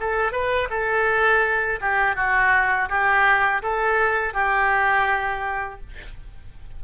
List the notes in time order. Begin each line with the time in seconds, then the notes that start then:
0.00 A4
0.32 B4
0.70 A4
1.81 G4
2.16 F#4
2.89 G4
3.62 A4
4.33 G4